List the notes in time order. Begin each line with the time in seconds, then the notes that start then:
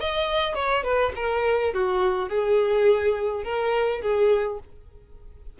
0.00 D#5
0.55 C#5
0.84 B4
1.16 A#4
1.74 F#4
2.29 G#4
3.44 A#4
4.01 G#4